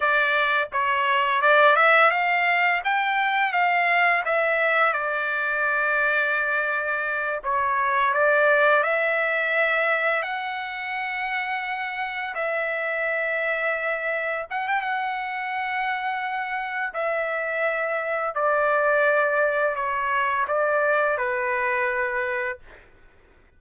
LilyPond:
\new Staff \with { instrumentName = "trumpet" } { \time 4/4 \tempo 4 = 85 d''4 cis''4 d''8 e''8 f''4 | g''4 f''4 e''4 d''4~ | d''2~ d''8 cis''4 d''8~ | d''8 e''2 fis''4.~ |
fis''4. e''2~ e''8~ | e''8 fis''16 g''16 fis''2. | e''2 d''2 | cis''4 d''4 b'2 | }